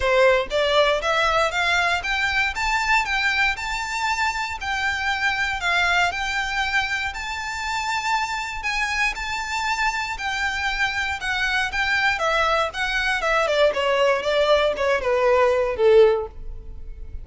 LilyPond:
\new Staff \with { instrumentName = "violin" } { \time 4/4 \tempo 4 = 118 c''4 d''4 e''4 f''4 | g''4 a''4 g''4 a''4~ | a''4 g''2 f''4 | g''2 a''2~ |
a''4 gis''4 a''2 | g''2 fis''4 g''4 | e''4 fis''4 e''8 d''8 cis''4 | d''4 cis''8 b'4. a'4 | }